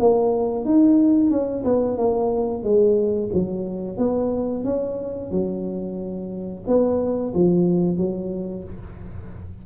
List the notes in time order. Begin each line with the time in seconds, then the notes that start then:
0.00 A#3
0.65 D#4
1.31 C#4
1.65 B3
1.98 A#3
2.64 G#3
3.34 F#3
3.98 B3
4.65 C#4
5.32 F#3
6.67 B3
7.35 F3
7.98 F#3